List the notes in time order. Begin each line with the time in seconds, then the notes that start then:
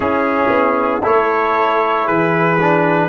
0.00 C#4 E4 G#4
0.49 B3
1.02 A3 E4 A4 C#5
2.05 E3 G#4 B4
2.60 D4